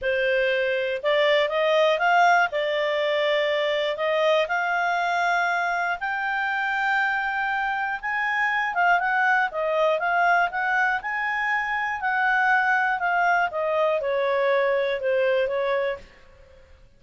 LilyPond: \new Staff \with { instrumentName = "clarinet" } { \time 4/4 \tempo 4 = 120 c''2 d''4 dis''4 | f''4 d''2. | dis''4 f''2. | g''1 |
gis''4. f''8 fis''4 dis''4 | f''4 fis''4 gis''2 | fis''2 f''4 dis''4 | cis''2 c''4 cis''4 | }